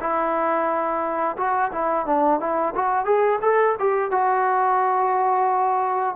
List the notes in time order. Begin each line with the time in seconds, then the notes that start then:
0.00 E4
1.37 F#4
1.71 E4
2.06 D4
2.40 E4
2.75 F#4
3.05 G#4
3.41 A4
3.79 G4
4.11 F#4